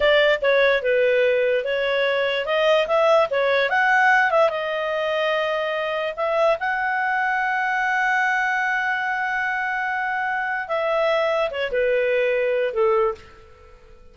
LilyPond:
\new Staff \with { instrumentName = "clarinet" } { \time 4/4 \tempo 4 = 146 d''4 cis''4 b'2 | cis''2 dis''4 e''4 | cis''4 fis''4. e''8 dis''4~ | dis''2. e''4 |
fis''1~ | fis''1~ | fis''2 e''2 | cis''8 b'2~ b'8 a'4 | }